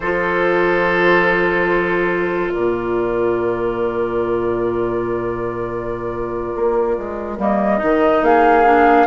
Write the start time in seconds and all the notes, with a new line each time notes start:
0.00 F3 F4 A4 C5
2.51 A#2 A#4 D5
6.54 A#3
6.97 G#3
7.38 G3 A#3 D#5
7.78 D#3 D#4
8.21 A#3 G#4 F5
8.64 D4